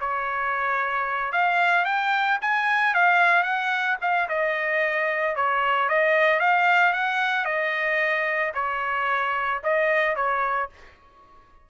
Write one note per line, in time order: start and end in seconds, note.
0.00 1.32 C#5
1.32 1.85 F5
1.85 2.38 G5
2.41 2.94 G#5
2.94 3.43 F5
3.43 3.96 F#5
4.01 4.28 F5
4.29 5.36 D#5
5.36 5.89 C#5
5.89 6.40 D#5
6.40 6.93 F5
6.93 7.45 F#5
7.45 8.52 D#5
8.54 9.61 C#5
9.63 10.15 D#5
10.15 10.69 C#5